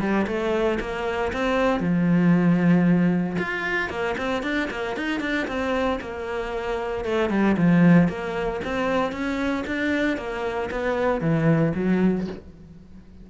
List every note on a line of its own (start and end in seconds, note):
0.00 0.26 G3
0.27 0.79 A3
0.80 1.32 A#3
1.33 1.80 C4
1.80 3.37 F3
3.39 3.90 F4
3.90 4.16 A#3
4.18 4.43 C4
4.43 4.69 D4
4.70 4.96 A#3
4.96 5.21 D#4
5.21 5.47 D4
5.48 6.00 C4
6.01 7.05 A#3
7.05 7.30 A3
7.30 7.56 G3
7.57 8.08 F3
8.08 8.61 A#3
8.64 9.12 C4
9.12 9.64 C#4
9.67 10.17 D4
10.17 10.70 A#3
10.71 11.21 B3
11.21 11.73 E3
11.75 12.27 F#3